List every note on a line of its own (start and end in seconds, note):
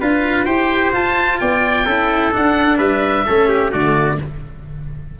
0.00 0.46 D4
0.00 0.46 F4
0.00 0.45 B4
0.00 0.45 F5
0.45 0.92 E4
0.45 0.93 G4
0.45 1.38 C5
0.45 0.91 G5
0.93 1.86 F4
0.93 1.39 F4
0.93 1.39 A5
1.39 1.85 B3
1.39 1.85 D5
1.39 2.32 G5
1.85 2.32 C#4
1.85 2.32 E4
1.85 2.77 A4
2.32 3.25 D4
2.32 2.78 D4
2.32 2.78 F#5
2.77 3.25 G3
2.77 3.24 B4
2.77 3.71 E5
3.26 3.73 A3
3.26 3.72 C#4
3.26 3.48 A4
3.48 3.71 G4
3.71 4.19 D3
3.71 4.18 A3
3.71 4.18 F#4
3.71 4.19 D5